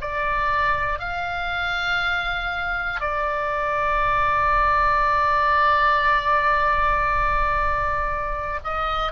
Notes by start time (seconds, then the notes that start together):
0.00 D5
0.99 F5
3.00 D5
8.63 D#5